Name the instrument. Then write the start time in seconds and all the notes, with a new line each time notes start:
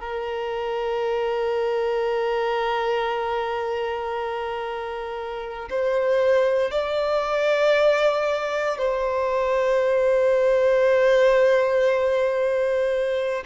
violin
0.00 A#4
5.70 C5
6.71 D5
8.78 C5